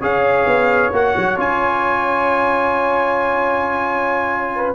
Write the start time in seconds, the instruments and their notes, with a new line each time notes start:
0.00 tuba C#4, trombone G#4, horn C#5, trumpet F5
0.46 tuba B3
0.92 tuba A#3, trombone F#4, trumpet F#5
1.17 tuba F#3
1.36 tuba C#4, trombone F4, trumpet G#5
4.56 horn B4